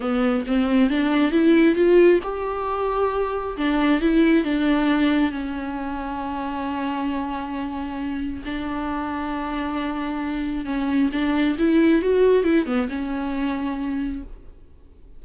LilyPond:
\new Staff \with { instrumentName = "viola" } { \time 4/4 \tempo 4 = 135 b4 c'4 d'4 e'4 | f'4 g'2. | d'4 e'4 d'2 | cis'1~ |
cis'2. d'4~ | d'1 | cis'4 d'4 e'4 fis'4 | e'8 b8 cis'2. | }